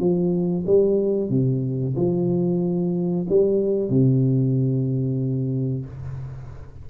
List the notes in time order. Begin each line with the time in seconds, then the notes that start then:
0.00 F3
0.67 G3
1.30 C3
1.97 F3
3.30 G3
3.90 C3